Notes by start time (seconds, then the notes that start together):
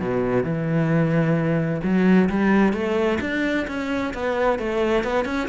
0.00 B2
0.43 E3
1.83 F#3
2.29 G3
2.73 A3
3.20 D4
3.67 C#4
4.14 B3
4.59 A3
5.04 B3
5.25 C#4